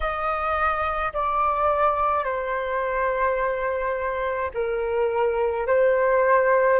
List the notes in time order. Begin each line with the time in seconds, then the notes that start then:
0.00 D#5
1.13 D5
2.24 C5
4.53 A#4
5.66 C5